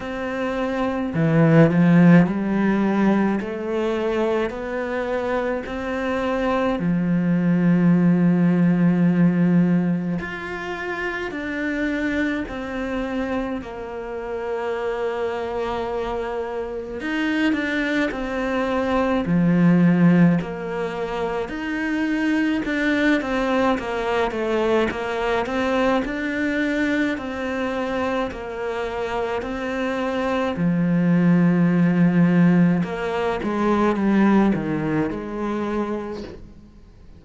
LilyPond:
\new Staff \with { instrumentName = "cello" } { \time 4/4 \tempo 4 = 53 c'4 e8 f8 g4 a4 | b4 c'4 f2~ | f4 f'4 d'4 c'4 | ais2. dis'8 d'8 |
c'4 f4 ais4 dis'4 | d'8 c'8 ais8 a8 ais8 c'8 d'4 | c'4 ais4 c'4 f4~ | f4 ais8 gis8 g8 dis8 gis4 | }